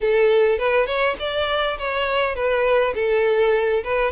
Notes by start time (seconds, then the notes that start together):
0.00 A4
0.58 B4
0.86 C#5
1.19 D5
1.78 C#5
2.35 B4
2.94 A4
3.83 B4